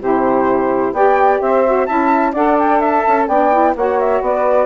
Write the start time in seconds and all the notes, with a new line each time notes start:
0.00 C3 E4 G4 C5
0.92 B3 G4 D5 G5
1.41 C4 C5 E5
1.65 F#4
1.86 C#4 E4 E5 A5
2.32 D4 A4 D5 F#5
2.59 G5
2.79 E5
2.85 A5
3.07 C#4
3.27 B3 D4 D5 G5
3.53 E4
3.76 A#3 F#4 C#5 F#5
3.99 E5
4.21 B3 B4 D5